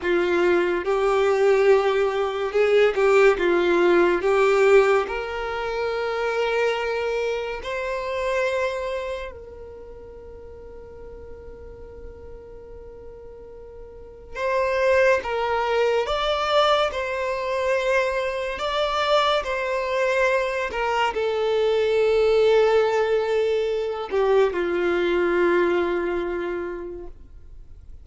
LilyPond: \new Staff \with { instrumentName = "violin" } { \time 4/4 \tempo 4 = 71 f'4 g'2 gis'8 g'8 | f'4 g'4 ais'2~ | ais'4 c''2 ais'4~ | ais'1~ |
ais'4 c''4 ais'4 d''4 | c''2 d''4 c''4~ | c''8 ais'8 a'2.~ | a'8 g'8 f'2. | }